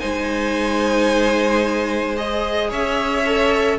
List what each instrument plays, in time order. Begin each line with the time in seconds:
0.00 cello G#3, viola D#4, violin C5 G#5
2.17 viola G#4, violin D#5
2.70 cello C#4, violin C#5 E5
3.26 viola A4